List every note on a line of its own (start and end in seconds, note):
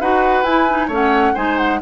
0.00 0.43 D#4
0.00 0.45 F#4
0.00 0.87 B4
0.00 0.43 F#5
0.43 0.88 E4
0.43 0.68 E4
0.43 0.88 G#5
0.69 0.90 D#4
0.87 1.33 A3
0.87 1.35 C#4
0.87 1.32 C#5
0.94 1.36 F#5
1.34 1.81 G#3
1.34 1.80 D#4
1.34 1.79 C5
1.34 1.57 G#5
1.57 1.80 F#5